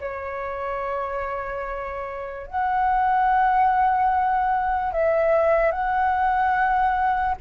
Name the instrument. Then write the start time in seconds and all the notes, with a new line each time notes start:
flute
0.00 C#5
2.47 F#5
4.92 E5
5.71 F#5